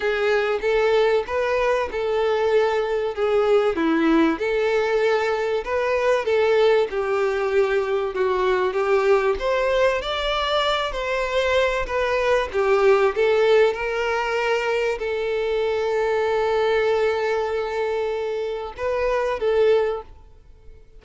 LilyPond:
\new Staff \with { instrumentName = "violin" } { \time 4/4 \tempo 4 = 96 gis'4 a'4 b'4 a'4~ | a'4 gis'4 e'4 a'4~ | a'4 b'4 a'4 g'4~ | g'4 fis'4 g'4 c''4 |
d''4. c''4. b'4 | g'4 a'4 ais'2 | a'1~ | a'2 b'4 a'4 | }